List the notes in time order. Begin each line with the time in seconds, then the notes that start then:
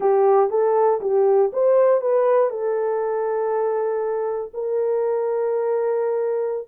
0.00 G4
0.50 A4
1.00 G4
1.52 C5
2.01 B4
2.50 A4
4.53 A#4